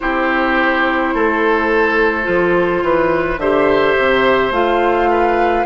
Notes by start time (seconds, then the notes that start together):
0.00 C4 E4 G4 C5
1.14 A3 A4
2.23 F3 F4
2.83 E3 B4
3.37 D3 G4 C5 E5
3.98 C3
4.50 A3 F4 F5
5.09 B4